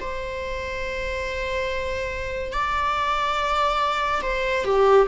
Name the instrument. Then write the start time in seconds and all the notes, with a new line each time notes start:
viola
0.00 C5
2.52 D5
4.22 C5
4.64 G4